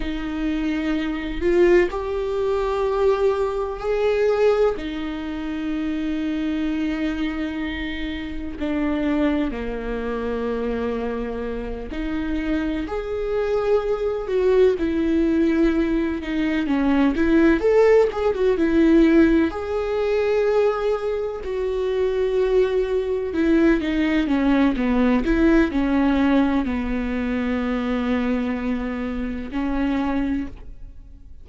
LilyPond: \new Staff \with { instrumentName = "viola" } { \time 4/4 \tempo 4 = 63 dis'4. f'8 g'2 | gis'4 dis'2.~ | dis'4 d'4 ais2~ | ais8 dis'4 gis'4. fis'8 e'8~ |
e'4 dis'8 cis'8 e'8 a'8 gis'16 fis'16 e'8~ | e'8 gis'2 fis'4.~ | fis'8 e'8 dis'8 cis'8 b8 e'8 cis'4 | b2. cis'4 | }